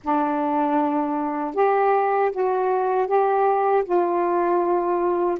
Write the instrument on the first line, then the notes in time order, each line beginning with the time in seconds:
saxophone
0.03 D4
1.54 G4
2.31 F#4
3.07 G4
3.84 F4